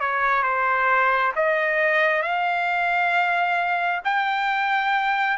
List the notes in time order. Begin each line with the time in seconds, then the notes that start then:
0.00 C#5
0.43 C5
1.36 D#5
2.22 F5
4.05 G5